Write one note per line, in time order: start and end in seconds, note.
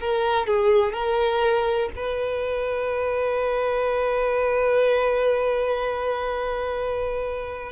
0.00 0.46 A#4
0.46 0.92 G#4
0.92 1.89 A#4
1.96 7.72 B4